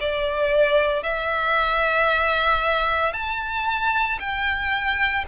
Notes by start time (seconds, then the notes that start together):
0.00 D5
1.03 E5
3.13 A5
4.20 G5